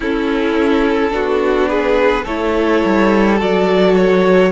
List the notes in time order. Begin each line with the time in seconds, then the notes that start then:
0.00 C#4 E4 A4
1.11 B3 D4 F#4
1.68 G#4 B4
2.23 A3 E4 A4 C#5
2.84 G3
3.37 F#3 F#4 D5
3.95 C#5